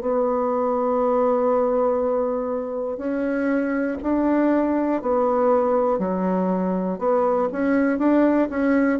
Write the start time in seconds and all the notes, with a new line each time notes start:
0.00 B3
2.97 C#4
4.02 D4
5.02 B3
5.99 F#3
6.99 B3
7.52 C#4
7.99 D4
8.50 C#4